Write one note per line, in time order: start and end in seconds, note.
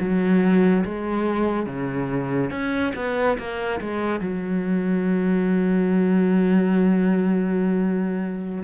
0.00 0.85 F#3
0.85 1.66 G#3
1.66 2.51 C#3
2.51 2.93 C#4
2.96 3.38 B3
3.38 3.81 A#3
3.81 4.20 G#3
4.20 8.64 F#3